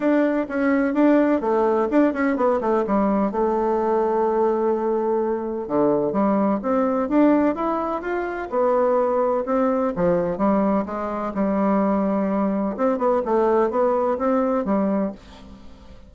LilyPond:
\new Staff \with { instrumentName = "bassoon" } { \time 4/4 \tempo 4 = 127 d'4 cis'4 d'4 a4 | d'8 cis'8 b8 a8 g4 a4~ | a1 | d4 g4 c'4 d'4 |
e'4 f'4 b2 | c'4 f4 g4 gis4 | g2. c'8 b8 | a4 b4 c'4 g4 | }